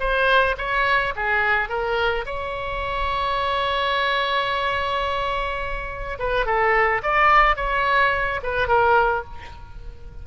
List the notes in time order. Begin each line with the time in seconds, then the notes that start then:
0.00 C5
0.58 C#5
1.16 G#4
1.69 A#4
2.26 C#5
6.19 B4
6.46 A4
7.03 D5
7.56 C#5
8.43 B4
8.68 A#4